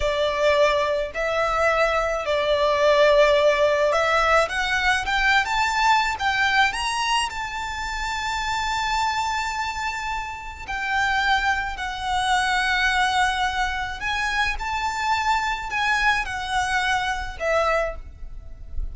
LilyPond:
\new Staff \with { instrumentName = "violin" } { \time 4/4 \tempo 4 = 107 d''2 e''2 | d''2. e''4 | fis''4 g''8. a''4~ a''16 g''4 | ais''4 a''2.~ |
a''2. g''4~ | g''4 fis''2.~ | fis''4 gis''4 a''2 | gis''4 fis''2 e''4 | }